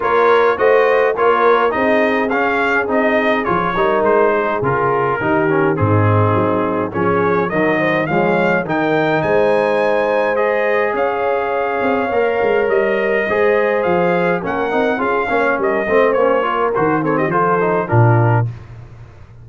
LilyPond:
<<
  \new Staff \with { instrumentName = "trumpet" } { \time 4/4 \tempo 4 = 104 cis''4 dis''4 cis''4 dis''4 | f''4 dis''4 cis''4 c''4 | ais'2 gis'2 | cis''4 dis''4 f''4 g''4 |
gis''2 dis''4 f''4~ | f''2 dis''2 | f''4 fis''4 f''4 dis''4 | cis''4 c''8 cis''16 dis''16 c''4 ais'4 | }
  \new Staff \with { instrumentName = "horn" } { \time 4/4 ais'4 c''4 ais'4 gis'4~ | gis'2~ gis'8 ais'4 gis'8~ | gis'4 g'4 dis'2 | gis'4 ais'8 c''8 cis''4 ais'4 |
c''2. cis''4~ | cis''2. c''4~ | c''4 ais'4 gis'8 cis''8 ais'8 c''8~ | c''8 ais'4 a'16 g'16 a'4 f'4 | }
  \new Staff \with { instrumentName = "trombone" } { \time 4/4 f'4 fis'4 f'4 dis'4 | cis'4 dis'4 f'8 dis'4. | f'4 dis'8 cis'8 c'2 | cis'4 fis4 gis4 dis'4~ |
dis'2 gis'2~ | gis'4 ais'2 gis'4~ | gis'4 cis'8 dis'8 f'8 cis'4 c'8 | cis'8 f'8 fis'8 c'8 f'8 dis'8 d'4 | }
  \new Staff \with { instrumentName = "tuba" } { \time 4/4 ais4 a4 ais4 c'4 | cis'4 c'4 f8 g8 gis4 | cis4 dis4 gis,4 fis4 | f4 dis4 f4 dis4 |
gis2. cis'4~ | cis'8 c'8 ais8 gis8 g4 gis4 | f4 ais8 c'8 cis'8 ais8 g8 a8 | ais4 dis4 f4 ais,4 | }
>>